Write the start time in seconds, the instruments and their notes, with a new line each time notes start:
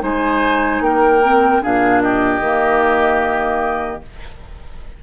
0.00 bassoon G#3, clarinet D#4, oboe C5, flute G#5
0.81 bassoon A#3, oboe A#4, flute G5
1.23 clarinet C4
1.62 bassoon A#2, clarinet D4, oboe G#4, flute F5
2.02 oboe G4, flute D#5
2.40 bassoon D#3, clarinet A#3